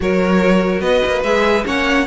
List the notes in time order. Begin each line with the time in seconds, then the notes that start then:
0.00 F#3 F#4 A#4 C#5
0.81 B3 B4 D#5
1.05 A#3
1.23 G#3 G#4 E5
1.65 A#3 C#4 C#5 F#5